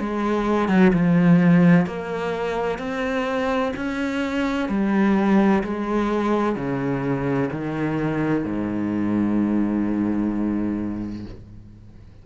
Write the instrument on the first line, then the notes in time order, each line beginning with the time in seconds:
cello
0.00 G#3
0.69 F#3
0.93 F3
1.86 A#3
2.79 C4
3.76 C#4
4.69 G3
5.63 G#3
6.56 C#3
7.52 D#3
8.44 G#2